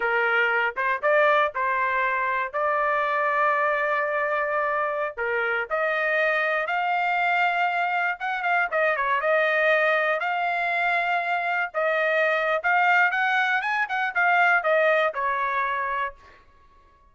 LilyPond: \new Staff \with { instrumentName = "trumpet" } { \time 4/4 \tempo 4 = 119 ais'4. c''8 d''4 c''4~ | c''4 d''2.~ | d''2~ d''16 ais'4 dis''8.~ | dis''4~ dis''16 f''2~ f''8.~ |
f''16 fis''8 f''8 dis''8 cis''8 dis''4.~ dis''16~ | dis''16 f''2. dis''8.~ | dis''4 f''4 fis''4 gis''8 fis''8 | f''4 dis''4 cis''2 | }